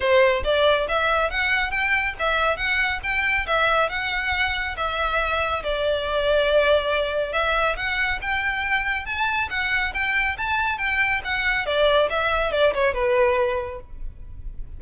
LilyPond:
\new Staff \with { instrumentName = "violin" } { \time 4/4 \tempo 4 = 139 c''4 d''4 e''4 fis''4 | g''4 e''4 fis''4 g''4 | e''4 fis''2 e''4~ | e''4 d''2.~ |
d''4 e''4 fis''4 g''4~ | g''4 a''4 fis''4 g''4 | a''4 g''4 fis''4 d''4 | e''4 d''8 cis''8 b'2 | }